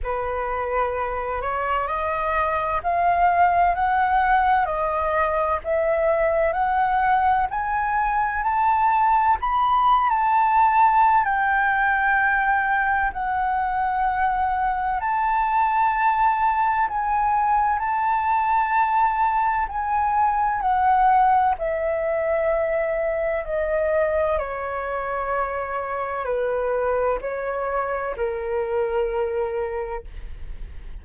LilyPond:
\new Staff \with { instrumentName = "flute" } { \time 4/4 \tempo 4 = 64 b'4. cis''8 dis''4 f''4 | fis''4 dis''4 e''4 fis''4 | gis''4 a''4 b''8. a''4~ a''16 | g''2 fis''2 |
a''2 gis''4 a''4~ | a''4 gis''4 fis''4 e''4~ | e''4 dis''4 cis''2 | b'4 cis''4 ais'2 | }